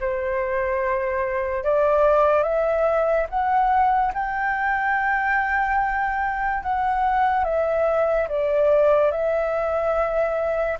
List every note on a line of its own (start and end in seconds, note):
0.00 1.64 C5
1.64 2.43 D5
2.43 3.26 E5
3.29 4.12 F#5
4.13 6.63 G5
6.63 7.44 F#5
7.44 8.27 E5
8.28 9.11 D5
9.11 10.78 E5